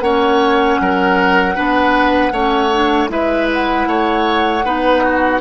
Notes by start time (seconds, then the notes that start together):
0.00 A#3 C#4 C#5 F#5
0.80 F#3 A#4
1.55 B3 D4 B4
2.31 A3 C#4 C#5
2.73 D4
3.08 G#3 E4 B4 E5
3.53 F#5
3.87 A3 C#5
4.64 B3 D#4 B4
5.03 F#4